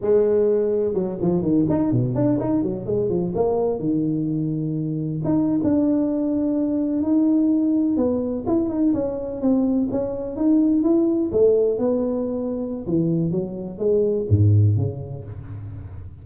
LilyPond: \new Staff \with { instrumentName = "tuba" } { \time 4/4 \tempo 4 = 126 gis2 fis8 f8 dis8 dis'8 | b,8 d'8 dis'8 fis8 gis8 f8 ais4 | dis2. dis'8. d'16~ | d'2~ d'8. dis'4~ dis'16~ |
dis'8. b4 e'8 dis'8 cis'4 c'16~ | c'8. cis'4 dis'4 e'4 a16~ | a8. b2~ b16 e4 | fis4 gis4 gis,4 cis4 | }